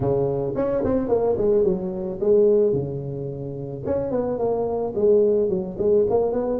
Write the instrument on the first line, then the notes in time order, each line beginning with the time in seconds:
tuba
0.00 C#3
0.55 C#4
0.84 C4
1.08 A#3
1.37 G#3
1.64 F#3
2.20 G#3
2.72 C#3
3.85 C#4
4.10 B3
4.38 A#3
4.95 G#3
5.49 F#3
5.78 G#3
6.09 A#3
6.32 B3